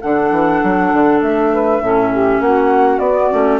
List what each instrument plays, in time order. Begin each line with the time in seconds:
0.00 bassoon D3, clarinet D4, saxophone A4, flute F#5
0.30 bassoon E3
0.63 bassoon F#3
0.92 bassoon D3
1.21 bassoon A3, flute E5
1.52 saxophone B4
1.79 bassoon A2, clarinet C#4, saxophone A4
2.12 saxophone G4
2.40 bassoon A#3, saxophone F#4, flute F#5
2.98 bassoon B3, clarinet B3, flute D5
3.31 bassoon A3, clarinet C#4